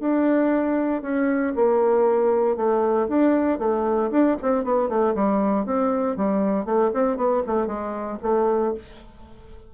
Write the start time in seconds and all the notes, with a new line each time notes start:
0.00 D4
1.02 C#4
1.55 A#3
2.56 A3
3.08 D4
3.59 A3
4.10 D4
4.42 C4
4.64 B3
4.89 A3
5.15 G3
5.65 C4
6.16 G3
6.65 A3
6.93 C4
7.17 B3
7.47 A3
7.67 G#3
8.22 A3